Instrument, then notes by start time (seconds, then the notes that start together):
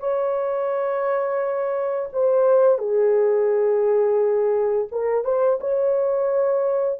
horn
0.00 C#5
2.13 C5
2.78 G#4
4.92 A#4
5.25 C5
5.60 C#5